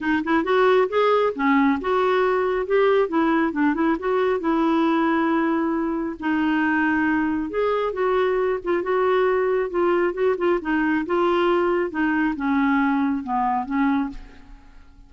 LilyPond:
\new Staff \with { instrumentName = "clarinet" } { \time 4/4 \tempo 4 = 136 dis'8 e'8 fis'4 gis'4 cis'4 | fis'2 g'4 e'4 | d'8 e'8 fis'4 e'2~ | e'2 dis'2~ |
dis'4 gis'4 fis'4. f'8 | fis'2 f'4 fis'8 f'8 | dis'4 f'2 dis'4 | cis'2 b4 cis'4 | }